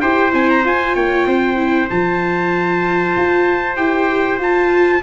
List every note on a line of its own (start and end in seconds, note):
0.00 0.33 E4
0.00 0.31 G4
0.00 0.95 C5
0.00 0.31 G5
0.31 0.64 C4
0.31 0.62 E4
0.31 0.49 G#5
0.49 0.65 A#5
0.64 0.95 F4
0.64 1.56 F4
0.64 0.95 G#5
0.95 1.26 A#3
0.95 1.26 C#5
0.95 1.88 G5
1.26 1.89 C4
1.26 5.02 C5
1.56 1.87 E4
1.89 3.15 F3
1.89 3.76 F4
1.89 3.76 A5
3.16 3.77 F4
3.76 4.38 E4
3.76 4.38 G4
3.76 4.38 G5
4.38 5.01 F4
4.38 5.02 A5